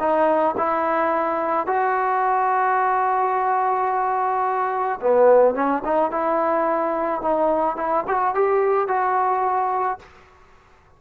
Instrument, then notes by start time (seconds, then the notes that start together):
trombone
0.00 D#4
0.58 E4
1.67 F#4
5.01 B3
5.55 C#4
5.85 D#4
6.11 E4
7.22 D#4
7.77 E4
8.08 F#4
8.35 G4
8.88 F#4